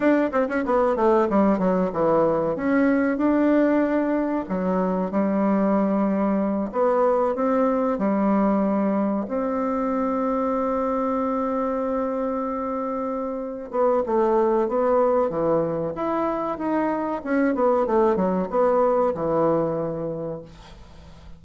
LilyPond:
\new Staff \with { instrumentName = "bassoon" } { \time 4/4 \tempo 4 = 94 d'8 c'16 cis'16 b8 a8 g8 fis8 e4 | cis'4 d'2 fis4 | g2~ g8 b4 c'8~ | c'8 g2 c'4.~ |
c'1~ | c'4. b8 a4 b4 | e4 e'4 dis'4 cis'8 b8 | a8 fis8 b4 e2 | }